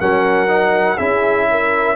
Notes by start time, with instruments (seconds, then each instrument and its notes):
0.00 tuba F#3, trombone C#4, horn A#4, trumpet F#5
0.49 trombone D#4
0.98 tuba C#4, trombone E4, horn G#4, trumpet E5
1.51 horn A#4